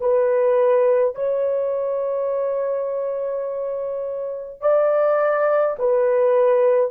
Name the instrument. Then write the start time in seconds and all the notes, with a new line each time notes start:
horn
0.00 B4
1.15 C#5
4.61 D5
5.78 B4